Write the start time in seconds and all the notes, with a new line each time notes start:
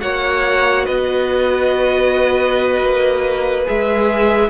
0.00 A#3 F#4 C#5 F#5
0.85 B3 B4 D#5
2.81 A#3
3.65 G#3 G#4 E5